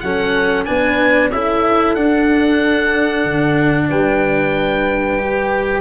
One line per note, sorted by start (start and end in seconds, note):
0.00 0.67 F#3
0.00 0.66 C#4
0.00 0.67 A4
0.00 0.65 F#5
0.66 1.32 B3
0.66 1.30 D4
0.66 1.32 B4
0.66 1.30 G#5
1.31 1.95 C#4
1.31 1.97 E4
1.31 3.89 A4
1.31 1.95 E5
1.95 3.24 D4
1.95 5.19 D4
1.95 3.88 F#5
3.24 3.89 D3
3.89 5.81 G3
3.89 5.81 B4
3.89 5.81 G5
5.19 5.81 G4